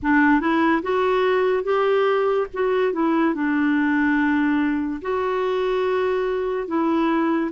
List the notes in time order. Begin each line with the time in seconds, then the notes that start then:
0.02 D4
0.40 E4
0.82 F#4
1.63 G4
2.53 F#4
2.92 E4
3.34 D4
5.01 F#4
6.67 E4